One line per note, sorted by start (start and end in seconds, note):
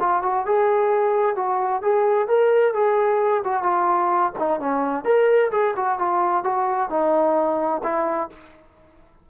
0.00 0.23 F4
0.23 0.46 F#4
0.46 1.36 G#4
1.36 1.83 F#4
1.83 2.28 G#4
2.28 2.74 A#4
2.74 3.43 G#4
3.45 3.63 F#4
3.63 4.33 F4
4.39 4.60 D#4
4.60 5.05 C#4
5.05 5.51 A#4
5.52 5.75 G#4
5.77 5.99 F#4
5.99 6.44 F4
6.44 6.90 F#4
6.90 7.82 D#4
7.84 8.30 E4